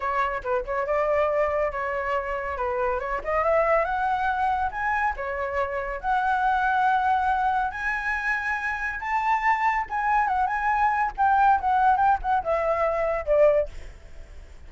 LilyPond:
\new Staff \with { instrumentName = "flute" } { \time 4/4 \tempo 4 = 140 cis''4 b'8 cis''8 d''2 | cis''2 b'4 cis''8 dis''8 | e''4 fis''2 gis''4 | cis''2 fis''2~ |
fis''2 gis''2~ | gis''4 a''2 gis''4 | fis''8 gis''4. g''4 fis''4 | g''8 fis''8 e''2 d''4 | }